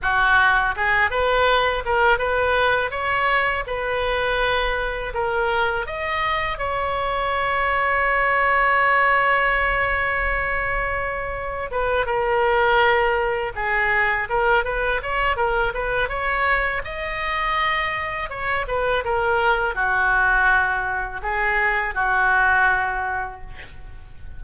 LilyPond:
\new Staff \with { instrumentName = "oboe" } { \time 4/4 \tempo 4 = 82 fis'4 gis'8 b'4 ais'8 b'4 | cis''4 b'2 ais'4 | dis''4 cis''2.~ | cis''1 |
b'8 ais'2 gis'4 ais'8 | b'8 cis''8 ais'8 b'8 cis''4 dis''4~ | dis''4 cis''8 b'8 ais'4 fis'4~ | fis'4 gis'4 fis'2 | }